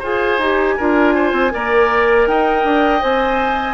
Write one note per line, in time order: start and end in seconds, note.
0.00 0.38 F4
0.00 0.40 G#4
0.00 0.75 C5
0.00 2.28 G#5
0.38 0.76 D#4
0.38 0.80 G4
0.78 1.33 D4
0.78 1.51 F4
0.78 1.15 A#4
1.15 1.53 C5
1.33 1.51 C4
1.51 2.27 A#3
1.51 3.00 A#4
1.51 2.29 D5
2.27 2.65 D#4
2.27 3.75 D#5
2.27 3.02 G5
2.65 3.02 D4
3.00 3.75 C4
3.00 3.75 C5
3.00 3.75 G#5